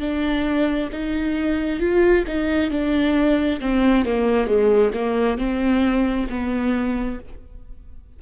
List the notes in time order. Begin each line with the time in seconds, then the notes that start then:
0.00 D4
0.92 D#4
1.80 F4
2.28 D#4
2.70 D4
3.60 C4
4.05 A#3
4.47 G#3
4.94 A#3
5.37 C4
6.29 B3